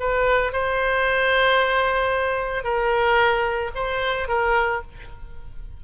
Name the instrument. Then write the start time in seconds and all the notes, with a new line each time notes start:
oboe
0.00 B4
0.53 C5
2.64 A#4
3.75 C5
4.29 A#4